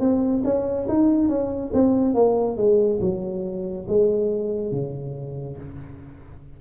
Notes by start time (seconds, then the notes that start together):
0.00 C4
0.44 C#4
0.88 D#4
1.29 C#4
1.73 C4
2.14 A#3
2.57 G#3
3.01 F#3
3.88 G#3
4.71 C#3